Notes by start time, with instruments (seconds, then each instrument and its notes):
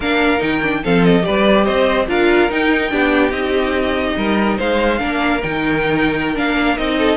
0.00 cello A#3, viola D4, violin A#4 F5
0.39 cello D#3, viola D#4, violin G5
0.62 viola D4
0.83 cello F3, viola C4, violin A4 F5
1.04 violin D#5
1.21 viola G4, violin B4 D5
1.28 cello G3
1.64 cello C4, violin C5 D#5
2.08 cello D4, viola F4, violin A#4 F5
2.49 viola D#4, cello D#4, violin G5
2.90 cello B3, viola D4, violin G4
3.30 cello C4, viola D#4, violin D#5
4.16 cello G3, violin A#4
4.57 cello G#3, violin C5 F5
4.99 cello A#3, viola D4, violin A#4
5.42 cello D#3, viola D#4, violin G5
6.34 cello A#3, viola D4, violin F5
6.76 cello C4, viola D#4, violin D#5
6.97 violin A4